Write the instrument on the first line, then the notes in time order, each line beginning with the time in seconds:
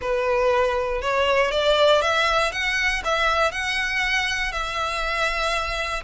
violin
0.01 B4
1.01 C#5
1.51 D5
2.01 E5
2.52 F#5
3.04 E5
3.51 F#5
4.52 E5